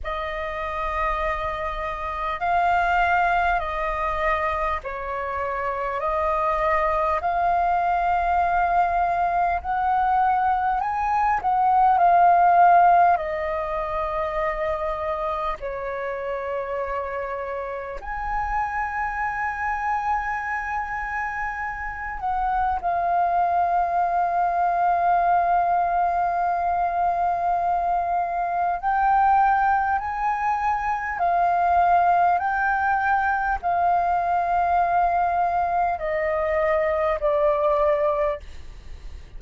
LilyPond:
\new Staff \with { instrumentName = "flute" } { \time 4/4 \tempo 4 = 50 dis''2 f''4 dis''4 | cis''4 dis''4 f''2 | fis''4 gis''8 fis''8 f''4 dis''4~ | dis''4 cis''2 gis''4~ |
gis''2~ gis''8 fis''8 f''4~ | f''1 | g''4 gis''4 f''4 g''4 | f''2 dis''4 d''4 | }